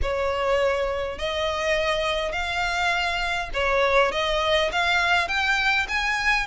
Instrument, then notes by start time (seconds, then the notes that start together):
violin
0.02 C#5
1.18 D#5
2.32 F5
3.53 C#5
4.11 D#5
4.71 F5
5.28 G5
5.88 G#5